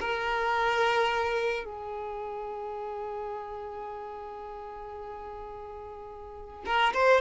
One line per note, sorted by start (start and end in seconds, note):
0.00 1.65 A#4
1.65 6.65 G#4
6.66 6.93 A#4
6.94 7.21 C5